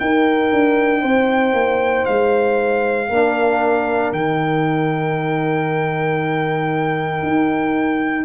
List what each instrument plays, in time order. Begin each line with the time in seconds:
0.00 tuba D#4, trombone D#4, horn A#4, trumpet G5
0.53 tuba D4
1.02 tuba C4, horn C5
1.54 tuba A#3
2.06 tuba G#3, trumpet F5
3.09 tuba A#3, trombone D4, horn A#4
4.12 tuba D#3, trombone D#4, trumpet G5
7.23 tuba D#4